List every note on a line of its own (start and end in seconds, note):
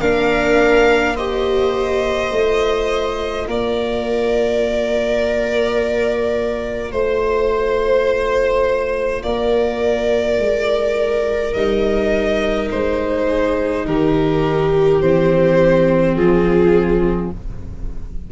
0.00 2.31 A#3
0.00 1.18 D4
0.00 1.15 A#4
0.00 1.16 F5
1.15 2.32 G4
1.15 3.46 C5
1.15 3.47 D#5
2.32 3.47 A3
2.32 11.56 F4
3.47 6.93 A#3
3.47 6.94 A#4
3.47 6.92 D5
6.92 9.23 A3
6.92 9.22 C5
6.92 9.25 C5
9.23 10.39 A#3
9.23 13.29 A#4
9.23 11.54 D5
10.39 11.54 G#3
11.54 12.70 G3
11.54 15.01 D#4
11.54 12.69 D#5
12.71 13.86 G#3
12.71 13.86 C5
13.29 13.87 G#4
13.86 15.01 D#3
13.86 16.17 G4
13.86 15.01 A#4
15.01 16.16 E3
15.01 17.32 C4
15.01 16.15 C5
16.15 17.31 F3
16.15 17.32 F4
16.15 17.31 G#4